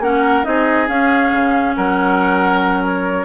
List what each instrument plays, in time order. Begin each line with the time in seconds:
0.00 bassoon A#3, clarinet C#4, oboe A#4, flute F#5
0.44 bassoon C4, clarinet D#4, oboe G#4, flute D#5
0.88 clarinet C#4, bassoon C#4, flute F5
1.32 bassoon C#3
1.76 bassoon F#3, oboe A#4, flute F#5
2.86 flute C#5